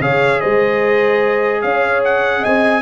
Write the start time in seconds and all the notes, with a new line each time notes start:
0.00 C#3 G#4 C#5 F5
0.40 G#3 C5 D#5
1.61 C#4 C#5 F5
2.04 F#5
2.41 C4 D#5 G#5